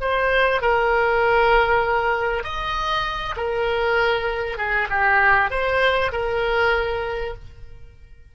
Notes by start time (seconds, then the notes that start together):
0.00 C5
0.61 A#4
2.43 D#5
3.36 A#4
4.57 G#4
4.90 G4
5.50 C5
6.12 A#4